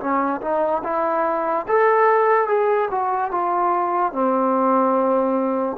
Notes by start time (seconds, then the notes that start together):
0.00 C#4
0.41 D#4
0.84 E4
1.68 A4
2.48 G#4
2.91 F#4
3.31 F4
4.12 C4